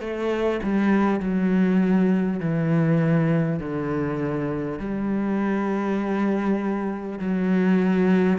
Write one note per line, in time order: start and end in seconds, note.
0.00 0.60 A3
0.63 1.19 G3
1.19 2.39 F#3
2.39 3.59 E3
3.59 4.79 D3
4.79 7.19 G3
7.19 8.39 F#3